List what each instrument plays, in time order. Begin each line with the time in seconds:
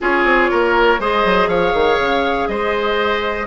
0.00 bassoon C#4, clarinet F4, oboe G#4, flute C#5
0.24 bassoon C4
0.50 bassoon A#3, oboe A#4
0.99 bassoon G#3, clarinet G#4, oboe C5, flute D#5
1.24 bassoon F#3
1.47 bassoon F3, oboe C#5, flute F5
1.73 bassoon D#3
1.98 bassoon C#3
2.47 bassoon G#3, oboe C5, flute D#5